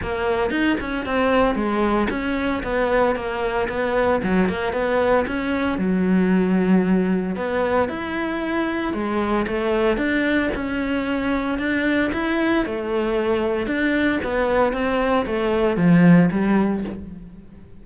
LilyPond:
\new Staff \with { instrumentName = "cello" } { \time 4/4 \tempo 4 = 114 ais4 dis'8 cis'8 c'4 gis4 | cis'4 b4 ais4 b4 | fis8 ais8 b4 cis'4 fis4~ | fis2 b4 e'4~ |
e'4 gis4 a4 d'4 | cis'2 d'4 e'4 | a2 d'4 b4 | c'4 a4 f4 g4 | }